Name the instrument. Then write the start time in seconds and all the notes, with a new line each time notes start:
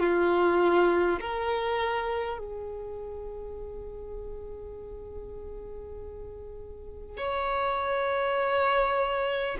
violin
0.00 F4
1.21 A#4
2.38 G#4
7.17 C#5